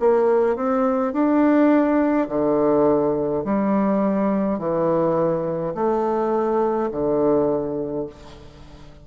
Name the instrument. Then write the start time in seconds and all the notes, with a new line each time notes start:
bassoon
0.00 A#3
0.56 C4
1.13 D4
2.29 D3
3.45 G3
4.59 E3
5.75 A3
6.92 D3